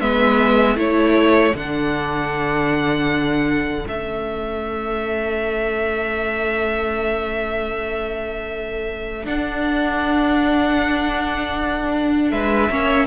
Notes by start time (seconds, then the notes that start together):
0.00 G#3 B3 B4 E5
0.76 A3 E4 A4 C#5
1.54 D3 D4 F#5
3.87 A3 C#4 E5
9.24 D4 F#5
12.31 G#3 B4 E5
12.70 A#3 C#4 C#5